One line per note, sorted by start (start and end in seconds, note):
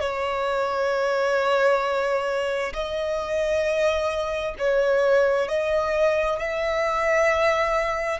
0.00 2.73 C#5
2.73 4.55 D#5
4.58 5.48 C#5
5.48 6.39 D#5
6.39 8.20 E5